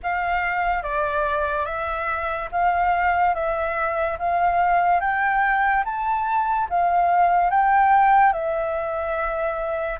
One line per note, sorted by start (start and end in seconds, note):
0.02 0.82 F5
0.82 1.65 D5
1.65 2.48 E5
2.51 3.34 F5
3.34 4.17 E5
4.19 5.00 F5
5.00 5.83 G5
5.84 6.68 A5
6.69 7.50 F5
7.50 8.32 G5
8.32 9.99 E5